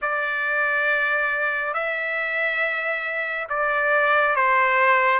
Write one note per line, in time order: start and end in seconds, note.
0.01 1.73 D5
1.73 3.47 E5
3.49 4.35 D5
4.35 5.19 C5